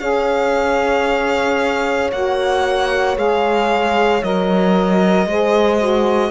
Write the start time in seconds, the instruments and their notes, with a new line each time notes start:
0.00 cello C#4, saxophone G#4, horn C#5, violin F5
2.12 cello A#3, saxophone F#4, violin F#5
3.16 cello G#3, saxophone G#4, violin F5
4.23 cello F#3, saxophone A#4, violin D#5
5.26 cello G#3, saxophone G#4, horn C5
5.79 saxophone F#4